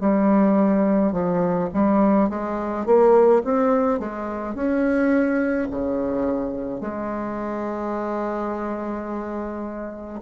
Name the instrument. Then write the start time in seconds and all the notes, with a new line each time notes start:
bassoon
0.00 G3
1.12 F3
1.73 G3
2.30 G#3
2.86 A#3
3.44 C4
3.99 G#3
4.54 C#4
5.70 C#3
6.81 G#3